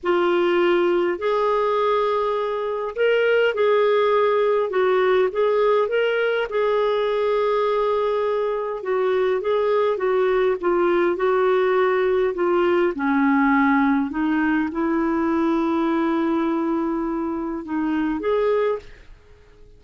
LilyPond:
\new Staff \with { instrumentName = "clarinet" } { \time 4/4 \tempo 4 = 102 f'2 gis'2~ | gis'4 ais'4 gis'2 | fis'4 gis'4 ais'4 gis'4~ | gis'2. fis'4 |
gis'4 fis'4 f'4 fis'4~ | fis'4 f'4 cis'2 | dis'4 e'2.~ | e'2 dis'4 gis'4 | }